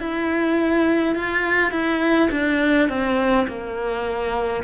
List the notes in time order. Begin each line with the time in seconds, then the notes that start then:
0.00 E4
1.15 F4
1.72 E4
2.31 D4
2.89 C4
3.48 A#3